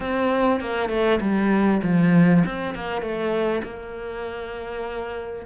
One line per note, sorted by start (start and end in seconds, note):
0.00 0.60 C4
0.60 0.89 A#3
0.89 1.19 A3
1.20 1.81 G3
1.82 2.43 F3
2.45 2.74 C4
2.74 3.01 A#3
3.01 3.62 A3
3.63 5.45 A#3